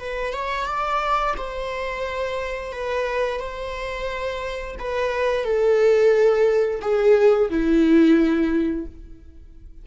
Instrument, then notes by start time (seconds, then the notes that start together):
viola
0.00 B4
0.33 C#5
0.66 D5
1.38 C5
2.72 B4
3.40 C5
4.79 B4
5.44 A4
6.82 G#4
7.50 E4